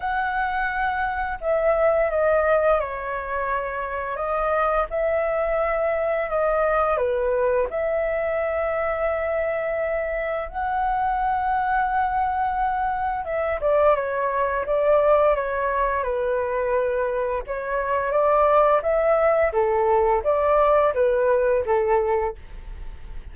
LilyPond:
\new Staff \with { instrumentName = "flute" } { \time 4/4 \tempo 4 = 86 fis''2 e''4 dis''4 | cis''2 dis''4 e''4~ | e''4 dis''4 b'4 e''4~ | e''2. fis''4~ |
fis''2. e''8 d''8 | cis''4 d''4 cis''4 b'4~ | b'4 cis''4 d''4 e''4 | a'4 d''4 b'4 a'4 | }